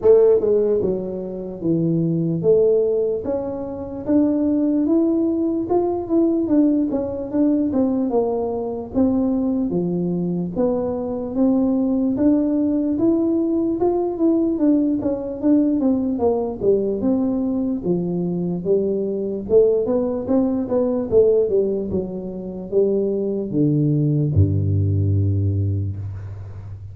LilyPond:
\new Staff \with { instrumentName = "tuba" } { \time 4/4 \tempo 4 = 74 a8 gis8 fis4 e4 a4 | cis'4 d'4 e'4 f'8 e'8 | d'8 cis'8 d'8 c'8 ais4 c'4 | f4 b4 c'4 d'4 |
e'4 f'8 e'8 d'8 cis'8 d'8 c'8 | ais8 g8 c'4 f4 g4 | a8 b8 c'8 b8 a8 g8 fis4 | g4 d4 g,2 | }